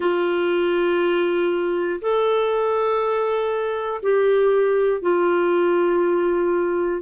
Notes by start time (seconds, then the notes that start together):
0.00 F4
2.01 A4
4.02 G4
5.01 F4